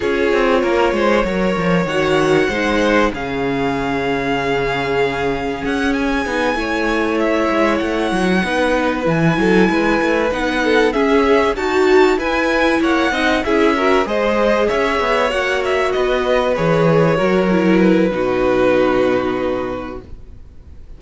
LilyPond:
<<
  \new Staff \with { instrumentName = "violin" } { \time 4/4 \tempo 4 = 96 cis''2. fis''4~ | fis''4 f''2.~ | f''4 fis''8 gis''2 e''8~ | e''8 fis''2 gis''4.~ |
gis''8 fis''4 e''4 a''4 gis''8~ | gis''8 fis''4 e''4 dis''4 e''8~ | e''8 fis''8 e''8 dis''4 cis''4.~ | cis''8 b'2.~ b'8 | }
  \new Staff \with { instrumentName = "violin" } { \time 4/4 gis'4 ais'8 c''8 cis''2 | c''4 gis'2.~ | gis'2~ gis'8 cis''4.~ | cis''4. b'4. a'8 b'8~ |
b'4 a'8 gis'4 fis'4 b'8~ | b'8 cis''8 dis''8 gis'8 ais'8 c''4 cis''8~ | cis''4. b'2 ais'8~ | ais'4 fis'2. | }
  \new Staff \with { instrumentName = "viola" } { \time 4/4 f'2 ais'4 fis'4 | dis'4 cis'2.~ | cis'2 dis'8 e'4.~ | e'4. dis'4 e'4.~ |
e'8 dis'4 cis'4 fis'4 e'8~ | e'4 dis'8 e'8 fis'8 gis'4.~ | gis'8 fis'2 gis'4 fis'8 | e'4 dis'2. | }
  \new Staff \with { instrumentName = "cello" } { \time 4/4 cis'8 c'8 ais8 gis8 fis8 f8 dis4 | gis4 cis2.~ | cis4 cis'4 b8 a4. | gis8 a8 fis8 b4 e8 fis8 gis8 |
a8 b4 cis'4 dis'4 e'8~ | e'8 ais8 c'8 cis'4 gis4 cis'8 | b8 ais4 b4 e4 fis8~ | fis4 b,2. | }
>>